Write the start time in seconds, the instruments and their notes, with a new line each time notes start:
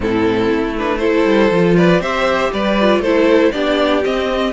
0.00 cello A2, viola C4, violin E4 A4
0.50 cello A3
0.77 viola D4, violin B4
0.97 viola E4, violin A4 C5
1.24 cello G3
1.51 cello F3, viola F4
1.76 violin B4 D5
2.00 cello C4, viola G4, violin C5 E5
2.53 cello G3, violin B4 D5
2.81 viola F4
2.99 cello A3, viola E4, violin A4 C5
3.52 cello B3, viola D4, violin G4 D5
4.02 viola C4, cello C4, violin D#5